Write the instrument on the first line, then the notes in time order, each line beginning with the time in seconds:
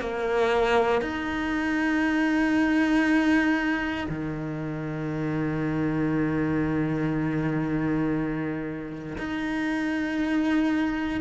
cello
0.00 A#3
1.01 D#4
4.09 D#3
9.18 D#4